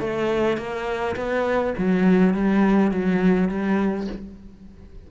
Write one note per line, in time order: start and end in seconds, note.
0.00 0.57 A3
0.57 1.15 A#3
1.16 1.74 B3
1.77 2.34 F#3
2.34 2.91 G3
2.91 3.49 F#3
3.49 4.07 G3